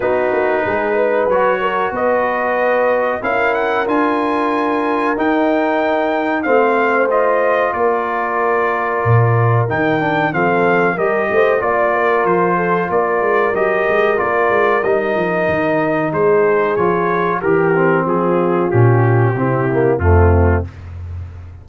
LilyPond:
<<
  \new Staff \with { instrumentName = "trumpet" } { \time 4/4 \tempo 4 = 93 b'2 cis''4 dis''4~ | dis''4 f''8 fis''8 gis''2 | g''2 f''4 dis''4 | d''2. g''4 |
f''4 dis''4 d''4 c''4 | d''4 dis''4 d''4 dis''4~ | dis''4 c''4 cis''4 ais'4 | gis'4 g'2 f'4 | }
  \new Staff \with { instrumentName = "horn" } { \time 4/4 fis'4 gis'8 b'4 ais'8 b'4~ | b'4 ais'2.~ | ais'2 c''2 | ais'1 |
a'4 ais'8 c''8 d''8 ais'4 a'8 | ais'1~ | ais'4 gis'2 g'4 | f'2 e'4 c'4 | }
  \new Staff \with { instrumentName = "trombone" } { \time 4/4 dis'2 fis'2~ | fis'4 e'4 f'2 | dis'2 c'4 f'4~ | f'2. dis'8 d'8 |
c'4 g'4 f'2~ | f'4 g'4 f'4 dis'4~ | dis'2 f'4 g'8 c'8~ | c'4 cis'4 c'8 ais8 a4 | }
  \new Staff \with { instrumentName = "tuba" } { \time 4/4 b8 ais8 gis4 fis4 b4~ | b4 cis'4 d'2 | dis'2 a2 | ais2 ais,4 dis4 |
f4 g8 a8 ais4 f4 | ais8 gis8 fis8 gis8 ais8 gis8 g8 f8 | dis4 gis4 f4 e4 | f4 ais,4 c4 f,4 | }
>>